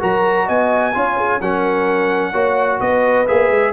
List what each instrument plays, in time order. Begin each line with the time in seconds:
0.00 tuba F#3, trombone F#4, horn A#4, trumpet A#5
0.46 tuba B3, horn D#5, trumpet G#5
0.94 tuba C#4, trombone F4, horn C#5
1.18 horn G#4
1.41 tuba F#3, trombone C#4, horn A#4, trumpet F#5
2.32 tuba A#3, trombone F#4, horn C#5
2.81 tuba B3, horn B4, trumpet D#5
3.28 tuba A#3, trombone G#4, trumpet E5
3.51 tuba G#3